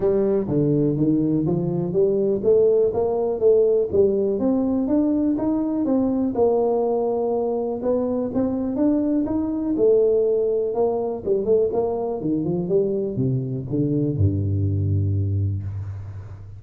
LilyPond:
\new Staff \with { instrumentName = "tuba" } { \time 4/4 \tempo 4 = 123 g4 d4 dis4 f4 | g4 a4 ais4 a4 | g4 c'4 d'4 dis'4 | c'4 ais2. |
b4 c'4 d'4 dis'4 | a2 ais4 g8 a8 | ais4 dis8 f8 g4 c4 | d4 g,2. | }